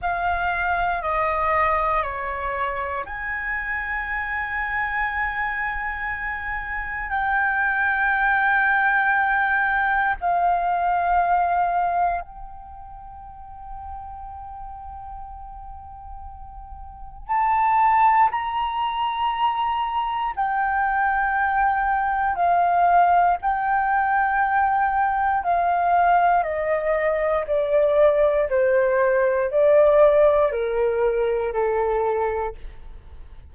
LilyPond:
\new Staff \with { instrumentName = "flute" } { \time 4/4 \tempo 4 = 59 f''4 dis''4 cis''4 gis''4~ | gis''2. g''4~ | g''2 f''2 | g''1~ |
g''4 a''4 ais''2 | g''2 f''4 g''4~ | g''4 f''4 dis''4 d''4 | c''4 d''4 ais'4 a'4 | }